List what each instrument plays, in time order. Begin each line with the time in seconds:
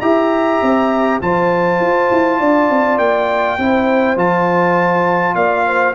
0.00 tuba E4, trombone G4, horn E5, trumpet A#5
0.61 tuba C4
1.21 tuba F3, trombone F4, horn C5, trumpet A5
1.79 tuba F4
2.11 tuba E4
2.39 tuba D4, horn D5
2.69 tuba C4
2.98 tuba A#3, trumpet G5
3.57 tuba C4, trombone E4, horn C5
4.16 tuba F3, trombone F4, trumpet A5
5.35 tuba A#3, horn D5, trumpet F5
5.66 horn C5